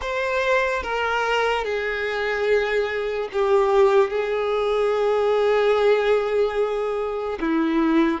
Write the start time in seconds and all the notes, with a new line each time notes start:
0.01 C5
0.83 A#4
1.64 G#4
3.32 G4
4.09 G#4
7.40 E4